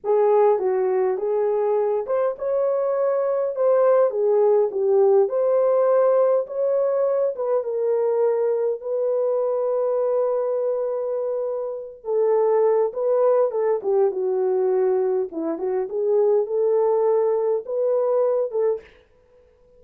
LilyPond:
\new Staff \with { instrumentName = "horn" } { \time 4/4 \tempo 4 = 102 gis'4 fis'4 gis'4. c''8 | cis''2 c''4 gis'4 | g'4 c''2 cis''4~ | cis''8 b'8 ais'2 b'4~ |
b'1~ | b'8 a'4. b'4 a'8 g'8 | fis'2 e'8 fis'8 gis'4 | a'2 b'4. a'8 | }